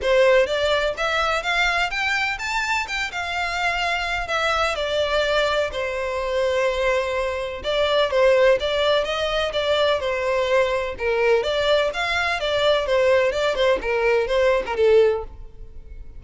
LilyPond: \new Staff \with { instrumentName = "violin" } { \time 4/4 \tempo 4 = 126 c''4 d''4 e''4 f''4 | g''4 a''4 g''8 f''4.~ | f''4 e''4 d''2 | c''1 |
d''4 c''4 d''4 dis''4 | d''4 c''2 ais'4 | d''4 f''4 d''4 c''4 | d''8 c''8 ais'4 c''8. ais'16 a'4 | }